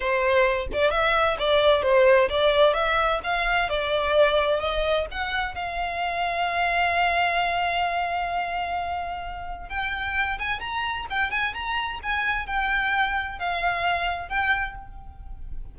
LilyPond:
\new Staff \with { instrumentName = "violin" } { \time 4/4 \tempo 4 = 130 c''4. d''8 e''4 d''4 | c''4 d''4 e''4 f''4 | d''2 dis''4 fis''4 | f''1~ |
f''1~ | f''4 g''4. gis''8 ais''4 | g''8 gis''8 ais''4 gis''4 g''4~ | g''4 f''2 g''4 | }